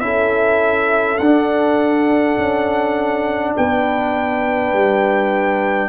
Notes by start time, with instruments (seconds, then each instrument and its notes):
0.00 tuba C#4, trombone E4, horn A4, trumpet E5
1.17 tuba D4, trombone D4, trumpet F#5
2.37 tuba C#4
3.55 tuba B3, horn B4, trumpet G5
4.73 tuba G3